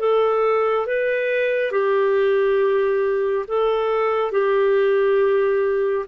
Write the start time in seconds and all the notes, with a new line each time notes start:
0.00 A4
0.87 B4
1.72 G4
3.48 A4
4.32 G4